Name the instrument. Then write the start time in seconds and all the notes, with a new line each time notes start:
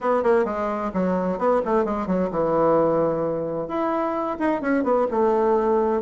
bassoon
0.00 B3
0.23 A#3
0.44 G#3
0.93 F#3
1.38 B3
1.65 A3
1.85 G#3
2.06 F#3
2.31 E3
3.68 E4
4.39 D#4
4.61 C#4
4.83 B3
5.10 A3